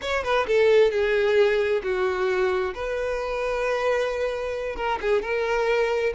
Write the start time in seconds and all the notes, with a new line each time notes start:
0.01 C#5
0.23 B4
0.46 A4
0.91 G#4
1.83 F#4
2.74 B4
4.76 A#4
5.01 G#4
5.22 A#4